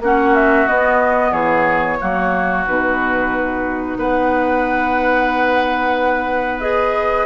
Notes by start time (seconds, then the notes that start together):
0.00 A#3 C#4 F#4 F#5
0.35 E5
0.67 B3 D#5
1.32 E3 G#4 C#5
2.00 F#3 A#3 F#4
2.66 B2 D#4 B4
3.97 B3 B4 F#5
6.60 G#4 D#5